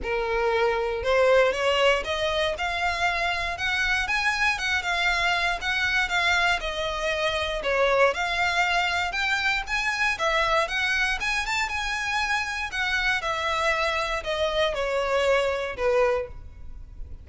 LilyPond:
\new Staff \with { instrumentName = "violin" } { \time 4/4 \tempo 4 = 118 ais'2 c''4 cis''4 | dis''4 f''2 fis''4 | gis''4 fis''8 f''4. fis''4 | f''4 dis''2 cis''4 |
f''2 g''4 gis''4 | e''4 fis''4 gis''8 a''8 gis''4~ | gis''4 fis''4 e''2 | dis''4 cis''2 b'4 | }